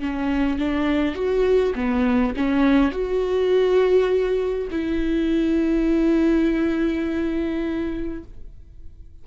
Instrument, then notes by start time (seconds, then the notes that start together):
viola
0.00 C#4
0.59 D4
1.15 F#4
1.76 B3
2.37 C#4
2.92 F#4
4.71 E4